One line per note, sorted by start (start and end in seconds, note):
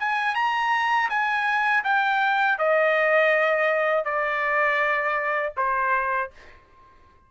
0.00 0.35 G#5
0.35 1.09 A#5
1.10 1.84 G#5
1.85 2.59 G5
2.59 4.05 D#5
4.05 5.53 D5
5.57 6.31 C5